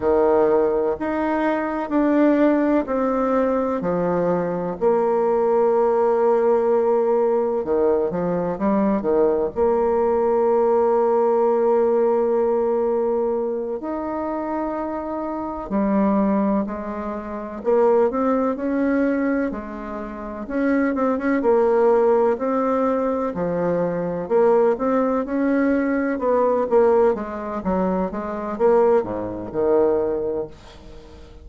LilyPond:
\new Staff \with { instrumentName = "bassoon" } { \time 4/4 \tempo 4 = 63 dis4 dis'4 d'4 c'4 | f4 ais2. | dis8 f8 g8 dis8 ais2~ | ais2~ ais8 dis'4.~ |
dis'8 g4 gis4 ais8 c'8 cis'8~ | cis'8 gis4 cis'8 c'16 cis'16 ais4 c'8~ | c'8 f4 ais8 c'8 cis'4 b8 | ais8 gis8 fis8 gis8 ais8 gis,8 dis4 | }